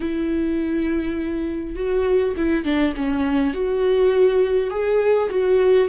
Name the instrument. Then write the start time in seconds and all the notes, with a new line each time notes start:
viola
0.00 E4
1.75 F#4
2.36 E4
2.64 D4
2.95 C#4
3.53 F#4
4.70 G#4
5.29 F#4